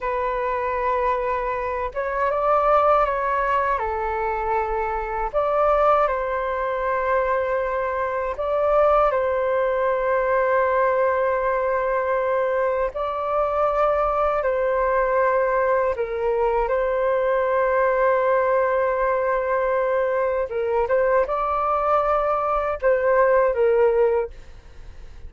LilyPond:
\new Staff \with { instrumentName = "flute" } { \time 4/4 \tempo 4 = 79 b'2~ b'8 cis''8 d''4 | cis''4 a'2 d''4 | c''2. d''4 | c''1~ |
c''4 d''2 c''4~ | c''4 ais'4 c''2~ | c''2. ais'8 c''8 | d''2 c''4 ais'4 | }